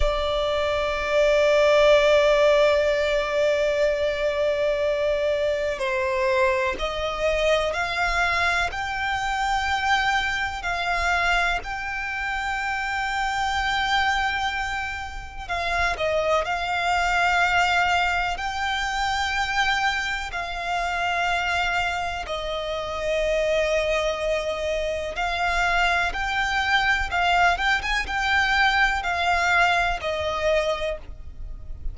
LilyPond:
\new Staff \with { instrumentName = "violin" } { \time 4/4 \tempo 4 = 62 d''1~ | d''2 c''4 dis''4 | f''4 g''2 f''4 | g''1 |
f''8 dis''8 f''2 g''4~ | g''4 f''2 dis''4~ | dis''2 f''4 g''4 | f''8 g''16 gis''16 g''4 f''4 dis''4 | }